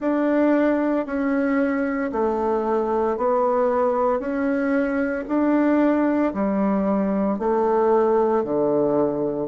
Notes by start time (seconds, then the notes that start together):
0.00 D4
1.06 C#4
2.11 A3
3.17 B3
4.19 C#4
5.28 D4
6.33 G3
7.39 A3
8.44 D3